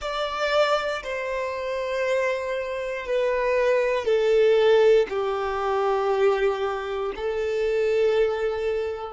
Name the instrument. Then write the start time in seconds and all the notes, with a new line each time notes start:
violin
0.01 D5
1.03 C5
3.06 B4
4.05 A4
5.09 G4
7.15 A4